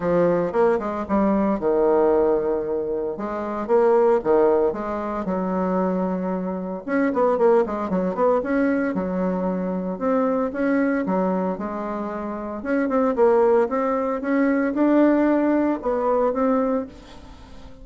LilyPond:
\new Staff \with { instrumentName = "bassoon" } { \time 4/4 \tempo 4 = 114 f4 ais8 gis8 g4 dis4~ | dis2 gis4 ais4 | dis4 gis4 fis2~ | fis4 cis'8 b8 ais8 gis8 fis8 b8 |
cis'4 fis2 c'4 | cis'4 fis4 gis2 | cis'8 c'8 ais4 c'4 cis'4 | d'2 b4 c'4 | }